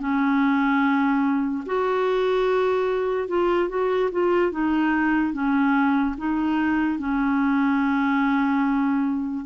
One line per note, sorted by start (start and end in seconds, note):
0.00 1.64 C#4
1.66 3.28 F#4
3.28 3.69 F4
3.69 4.10 F#4
4.12 4.52 F4
4.52 5.33 D#4
5.33 6.15 C#4
6.18 6.99 D#4
6.99 9.45 C#4